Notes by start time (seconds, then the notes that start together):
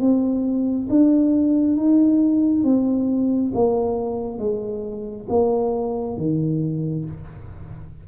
0.00 C4
0.89 D4
1.76 D#4
2.64 C4
3.55 A#3
4.39 G#3
5.29 A#3
6.17 D#3